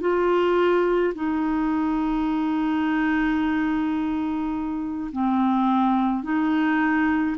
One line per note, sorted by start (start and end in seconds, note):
0.00 1.13 F4
1.14 5.10 D#4
5.11 6.23 C4
6.23 7.36 D#4